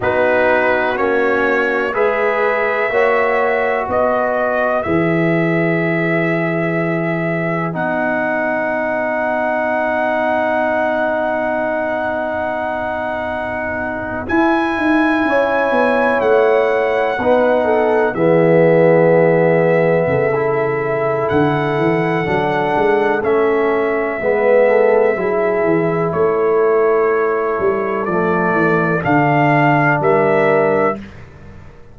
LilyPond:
<<
  \new Staff \with { instrumentName = "trumpet" } { \time 4/4 \tempo 4 = 62 b'4 cis''4 e''2 | dis''4 e''2. | fis''1~ | fis''2~ fis''8. gis''4~ gis''16~ |
gis''8. fis''2 e''4~ e''16~ | e''2 fis''2 | e''2. cis''4~ | cis''4 d''4 f''4 e''4 | }
  \new Staff \with { instrumentName = "horn" } { \time 4/4 fis'2 b'4 cis''4 | b'1~ | b'1~ | b'2.~ b'8. cis''16~ |
cis''4.~ cis''16 b'8 a'8 gis'4~ gis'16~ | gis'8. a'2.~ a'16~ | a'4 b'8 a'8 gis'4 a'4~ | a'2. ais'4 | }
  \new Staff \with { instrumentName = "trombone" } { \time 4/4 dis'4 cis'4 gis'4 fis'4~ | fis'4 gis'2. | dis'1~ | dis'2~ dis'8. e'4~ e'16~ |
e'4.~ e'16 dis'4 b4~ b16~ | b4 e'2 d'4 | cis'4 b4 e'2~ | e'4 a4 d'2 | }
  \new Staff \with { instrumentName = "tuba" } { \time 4/4 b4 ais4 gis4 ais4 | b4 e2. | b1~ | b2~ b8. e'8 dis'8 cis'16~ |
cis'16 b8 a4 b4 e4~ e16~ | e8. cis4~ cis16 d8 e8 fis8 gis8 | a4 gis4 fis8 e8 a4~ | a8 g8 f8 e8 d4 g4 | }
>>